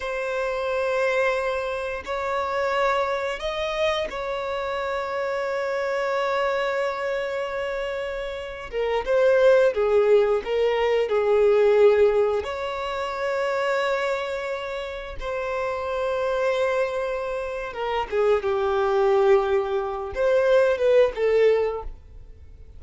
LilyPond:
\new Staff \with { instrumentName = "violin" } { \time 4/4 \tempo 4 = 88 c''2. cis''4~ | cis''4 dis''4 cis''2~ | cis''1~ | cis''8. ais'8 c''4 gis'4 ais'8.~ |
ais'16 gis'2 cis''4.~ cis''16~ | cis''2~ cis''16 c''4.~ c''16~ | c''2 ais'8 gis'8 g'4~ | g'4. c''4 b'8 a'4 | }